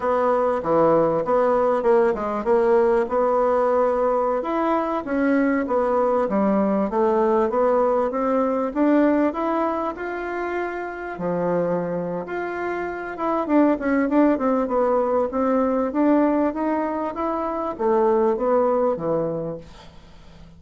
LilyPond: \new Staff \with { instrumentName = "bassoon" } { \time 4/4 \tempo 4 = 98 b4 e4 b4 ais8 gis8 | ais4 b2~ b16 e'8.~ | e'16 cis'4 b4 g4 a8.~ | a16 b4 c'4 d'4 e'8.~ |
e'16 f'2 f4.~ f16 | f'4. e'8 d'8 cis'8 d'8 c'8 | b4 c'4 d'4 dis'4 | e'4 a4 b4 e4 | }